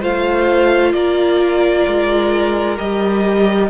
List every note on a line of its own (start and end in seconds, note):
0.00 0.94 A3
0.00 2.77 F4
0.00 0.92 C5
0.00 0.93 F5
0.93 1.86 A#3
0.93 3.70 A#4
0.93 2.77 D5
1.87 2.79 G#3
2.77 3.70 G3
2.77 3.69 G4
2.77 3.70 D#5